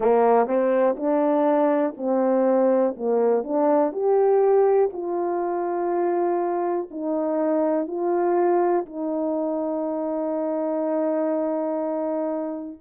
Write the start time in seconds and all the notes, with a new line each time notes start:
0.00 A#3
0.46 C4
0.96 D4
1.97 C4
2.96 A#3
3.43 D4
3.92 G4
4.92 F4
6.91 D#4
7.87 F4
8.85 D#4